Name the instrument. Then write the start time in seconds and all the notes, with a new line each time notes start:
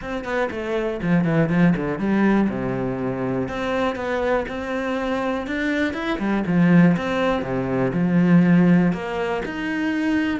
cello
0.01 C4
0.24 B3
0.50 A3
1.01 F3
1.24 E3
1.49 F3
1.76 D3
1.98 G3
2.49 C3
3.48 C4
3.95 B3
4.48 C4
5.47 D4
5.93 E4
6.18 G3
6.46 F3
6.96 C4
7.42 C3
7.93 F3
8.92 A#3
9.45 D#4